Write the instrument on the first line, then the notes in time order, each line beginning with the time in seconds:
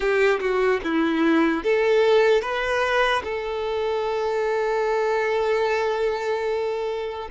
violin
0.00 G4
0.39 F#4
0.83 E4
1.63 A4
2.41 B4
3.23 A4